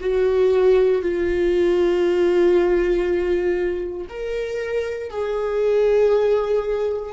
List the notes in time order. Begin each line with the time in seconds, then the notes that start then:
0.00 F#4
1.02 F4
4.09 A#4
5.09 G#4